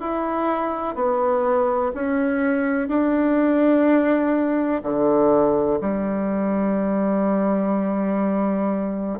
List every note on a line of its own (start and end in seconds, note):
0.00 0.95 E4
0.95 1.92 B3
1.94 2.88 C#4
2.88 4.82 D4
4.83 5.79 D3
5.81 9.19 G3